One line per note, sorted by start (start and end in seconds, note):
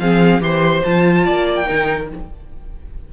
0.00 0.41 F3
0.00 0.41 C4
0.00 0.44 G#4
0.00 0.42 F5
0.41 0.83 E3
0.41 0.83 G4
0.41 1.26 C5
0.41 0.84 C6
0.84 1.28 F3
0.84 1.66 F4
0.84 1.56 A5
1.26 1.70 A#3
1.26 1.67 D5
1.56 2.08 G5
1.66 2.13 D#3
1.66 2.08 D#4
1.66 2.09 A#4